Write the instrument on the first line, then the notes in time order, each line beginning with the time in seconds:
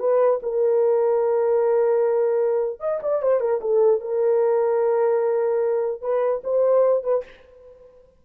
horn
0.00 B4
0.43 A#4
2.80 D#5
3.03 D5
3.23 C5
3.41 A#4
3.62 A4
4.01 A#4
6.02 B4
6.44 C5
7.04 B4